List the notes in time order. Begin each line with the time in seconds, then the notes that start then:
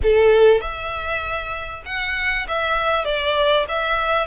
0.03 A4
0.60 E5
1.85 F#5
2.47 E5
3.04 D5
3.68 E5